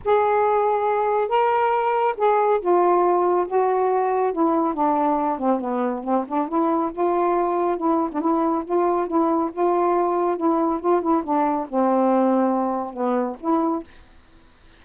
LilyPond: \new Staff \with { instrumentName = "saxophone" } { \time 4/4 \tempo 4 = 139 gis'2. ais'4~ | ais'4 gis'4 f'2 | fis'2 e'4 d'4~ | d'8 c'8 b4 c'8 d'8 e'4 |
f'2 e'8. d'16 e'4 | f'4 e'4 f'2 | e'4 f'8 e'8 d'4 c'4~ | c'2 b4 e'4 | }